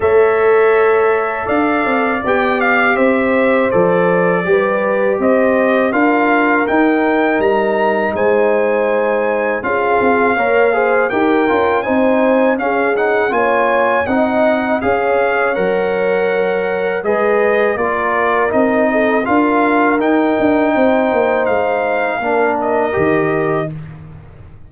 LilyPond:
<<
  \new Staff \with { instrumentName = "trumpet" } { \time 4/4 \tempo 4 = 81 e''2 f''4 g''8 f''8 | e''4 d''2 dis''4 | f''4 g''4 ais''4 gis''4~ | gis''4 f''2 g''4 |
gis''4 f''8 fis''8 gis''4 fis''4 | f''4 fis''2 dis''4 | d''4 dis''4 f''4 g''4~ | g''4 f''4. dis''4. | }
  \new Staff \with { instrumentName = "horn" } { \time 4/4 cis''2 d''2 | c''2 b'4 c''4 | ais'2. c''4~ | c''4 gis'4 cis''8 c''8 ais'4 |
c''4 gis'4 cis''4 dis''4 | cis''2. b'4 | ais'4. a'8 ais'2 | c''2 ais'2 | }
  \new Staff \with { instrumentName = "trombone" } { \time 4/4 a'2. g'4~ | g'4 a'4 g'2 | f'4 dis'2.~ | dis'4 f'4 ais'8 gis'8 g'8 f'8 |
dis'4 cis'8 dis'8 f'4 dis'4 | gis'4 ais'2 gis'4 | f'4 dis'4 f'4 dis'4~ | dis'2 d'4 g'4 | }
  \new Staff \with { instrumentName = "tuba" } { \time 4/4 a2 d'8 c'8 b4 | c'4 f4 g4 c'4 | d'4 dis'4 g4 gis4~ | gis4 cis'8 c'8 ais4 dis'8 cis'8 |
c'4 cis'4 ais4 c'4 | cis'4 fis2 gis4 | ais4 c'4 d'4 dis'8 d'8 | c'8 ais8 gis4 ais4 dis4 | }
>>